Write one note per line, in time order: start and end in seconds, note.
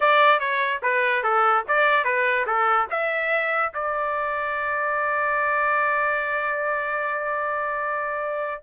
0.00 0.39 D5
0.39 0.80 C#5
0.82 1.23 B4
1.23 1.64 A4
1.68 2.04 D5
2.04 2.45 B4
2.46 2.87 A4
2.90 3.72 E5
3.73 8.62 D5